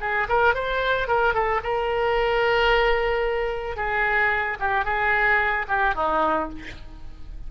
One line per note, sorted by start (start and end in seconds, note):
0.00 0.27 G#4
0.29 0.54 A#4
0.54 1.07 C5
1.07 1.34 A#4
1.34 1.61 A4
1.63 3.76 A#4
3.76 4.57 G#4
4.59 4.85 G4
4.85 5.66 G#4
5.68 5.95 G4
5.95 6.49 D#4